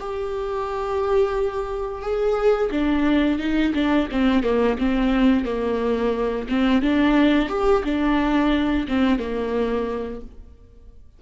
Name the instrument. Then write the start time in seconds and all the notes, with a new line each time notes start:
viola
0.00 G4
2.02 G#4
2.71 D4
3.39 D#4
3.75 D4
4.12 C4
4.44 A#3
4.79 C4
5.45 A#3
6.50 C4
6.82 D4
7.49 G4
7.85 D4
8.89 C4
9.19 A#3